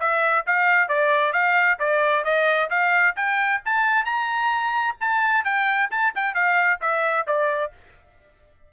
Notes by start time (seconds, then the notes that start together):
0.00 E5
0.46 F5
0.88 D5
1.33 F5
1.79 D5
2.24 D#5
2.70 F5
3.16 G5
3.65 A5
4.05 A#5
5.00 A5
5.44 G5
5.91 A5
6.15 G5
6.35 F5
6.81 E5
7.27 D5